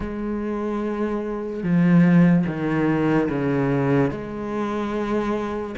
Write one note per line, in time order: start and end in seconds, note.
0.00 1.63 G#3
1.63 2.45 F3
2.47 3.29 D#3
3.29 4.11 C#3
4.11 5.75 G#3